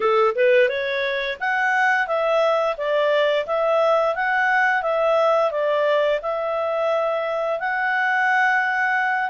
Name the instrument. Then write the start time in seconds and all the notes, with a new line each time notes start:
clarinet
0.00 A4
0.34 B4
0.68 C#5
1.40 F#5
2.07 E5
2.77 D5
3.46 E5
4.15 F#5
4.82 E5
5.51 D5
6.22 E5
7.59 F#5